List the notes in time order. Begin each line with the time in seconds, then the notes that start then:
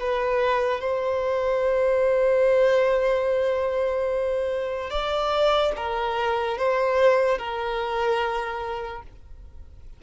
0.00 B4
0.81 C5
4.91 D5
5.76 A#4
6.58 C5
7.38 A#4